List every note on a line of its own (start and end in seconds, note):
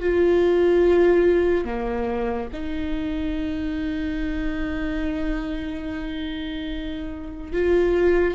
0.00 1.65 F4
1.65 2.48 A#3
2.53 7.52 D#4
7.52 8.35 F4